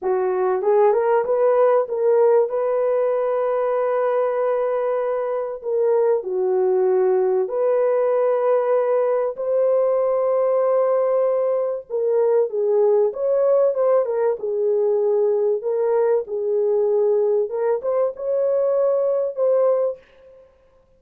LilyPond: \new Staff \with { instrumentName = "horn" } { \time 4/4 \tempo 4 = 96 fis'4 gis'8 ais'8 b'4 ais'4 | b'1~ | b'4 ais'4 fis'2 | b'2. c''4~ |
c''2. ais'4 | gis'4 cis''4 c''8 ais'8 gis'4~ | gis'4 ais'4 gis'2 | ais'8 c''8 cis''2 c''4 | }